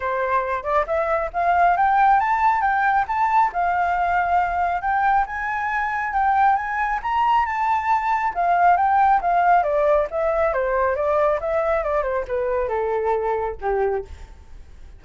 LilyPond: \new Staff \with { instrumentName = "flute" } { \time 4/4 \tempo 4 = 137 c''4. d''8 e''4 f''4 | g''4 a''4 g''4 a''4 | f''2. g''4 | gis''2 g''4 gis''4 |
ais''4 a''2 f''4 | g''4 f''4 d''4 e''4 | c''4 d''4 e''4 d''8 c''8 | b'4 a'2 g'4 | }